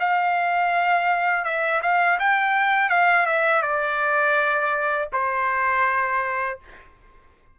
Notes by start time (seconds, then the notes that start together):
0.00 F5
1.45 E5
1.83 F5
2.20 G5
2.90 F5
3.26 E5
3.63 D5
5.13 C5